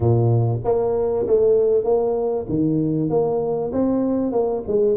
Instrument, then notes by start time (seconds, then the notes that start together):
tuba
0.00 A#2
0.64 A#3
1.26 A3
1.84 A#3
2.49 D#3
3.09 A#3
3.72 C4
4.32 A#3
4.67 G#3